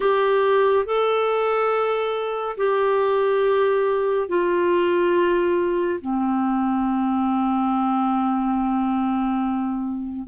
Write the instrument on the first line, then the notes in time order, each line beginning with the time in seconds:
clarinet
0.00 G4
0.85 A4
2.57 G4
4.28 F4
6.00 C4